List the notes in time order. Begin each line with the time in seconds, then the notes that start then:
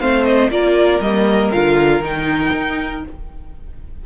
0.00 A3 C4 C5 F5
0.25 D#5
0.49 A#3 F4 A#4 D5
1.00 G3 A#3 D#5
1.52 D3 F4 F5
2.01 D#3 D#4 G5
2.52 D#4